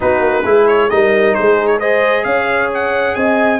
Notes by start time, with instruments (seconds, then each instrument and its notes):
0.00 tuba B3, trombone D#4, horn F#4, trumpet B4
0.20 tuba A#3
0.45 tuba G#3, trombone E4, horn G#4
0.67 trumpet C#5
0.89 tuba G3, trombone D#4, horn A#4, trumpet D#5
1.34 tuba G#3, horn G#4, trumpet C5
1.67 trumpet C#5
1.79 trombone G#4, horn C5, trumpet D#5
2.23 tuba C#4, horn C#5, trumpet F5
2.74 trumpet F#5
3.15 tuba C4, horn D#5, trumpet G#5